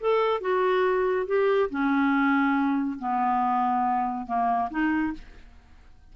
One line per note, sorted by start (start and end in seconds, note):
0.00 0.41 A4
0.41 1.26 F#4
1.27 1.69 G4
1.70 2.99 C#4
2.99 4.26 B3
4.26 4.69 A#3
4.71 5.14 D#4